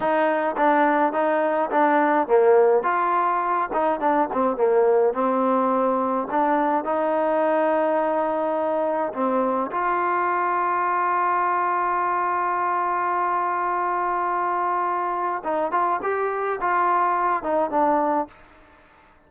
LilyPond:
\new Staff \with { instrumentName = "trombone" } { \time 4/4 \tempo 4 = 105 dis'4 d'4 dis'4 d'4 | ais4 f'4. dis'8 d'8 c'8 | ais4 c'2 d'4 | dis'1 |
c'4 f'2.~ | f'1~ | f'2. dis'8 f'8 | g'4 f'4. dis'8 d'4 | }